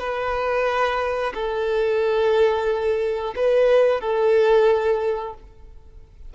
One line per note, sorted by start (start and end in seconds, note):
0.00 1.34 B4
1.35 3.35 A4
3.36 4.01 B4
4.01 5.34 A4